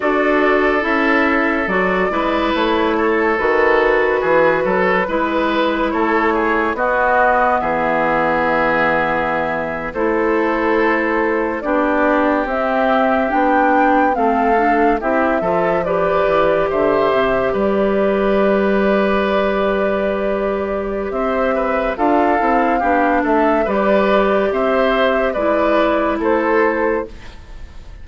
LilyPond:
<<
  \new Staff \with { instrumentName = "flute" } { \time 4/4 \tempo 4 = 71 d''4 e''4 d''4 cis''4 | b'2. cis''4 | dis''4 e''2~ e''8. c''16~ | c''4.~ c''16 d''4 e''4 g''16~ |
g''8. f''4 e''4 d''4 e''16~ | e''8. d''2.~ d''16~ | d''4 e''4 f''4. e''8 | d''4 e''4 d''4 c''4 | }
  \new Staff \with { instrumentName = "oboe" } { \time 4/4 a'2~ a'8 b'4 a'8~ | a'4 gis'8 a'8 b'4 a'8 gis'8 | fis'4 gis'2~ gis'8. a'16~ | a'4.~ a'16 g'2~ g'16~ |
g'8. a'4 g'8 a'8 b'4 c''16~ | c''8. b'2.~ b'16~ | b'4 c''8 b'8 a'4 g'8 a'8 | b'4 c''4 b'4 a'4 | }
  \new Staff \with { instrumentName = "clarinet" } { \time 4/4 fis'4 e'4 fis'8 e'4. | fis'2 e'2 | b2.~ b8. e'16~ | e'4.~ e'16 d'4 c'4 d'16~ |
d'8. c'8 d'8 e'8 f'8 g'4~ g'16~ | g'1~ | g'2 f'8 e'8 d'4 | g'2 e'2 | }
  \new Staff \with { instrumentName = "bassoon" } { \time 4/4 d'4 cis'4 fis8 gis8 a4 | dis4 e8 fis8 gis4 a4 | b4 e2~ e8. a16~ | a4.~ a16 b4 c'4 b16~ |
b8. a4 c'8 f4 e8 d16~ | d16 c8 g2.~ g16~ | g4 c'4 d'8 c'8 b8 a8 | g4 c'4 gis4 a4 | }
>>